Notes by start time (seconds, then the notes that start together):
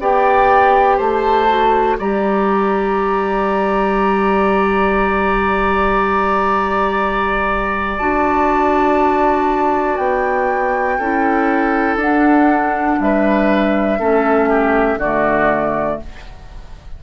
0.00 B3 G4 D5 G5
0.97 A3 C5 A5
1.49 F#4
1.98 G3 G4 D5 A#5
7.97 D4 F#4 A5
9.97 B3 G5
10.99 C#4 E4 A4
11.96 D4 F#5
13.00 G3 B4 E5
13.99 A3 C#4 A4
14.49 G4
14.97 D3 F#4 D5
15.03 A3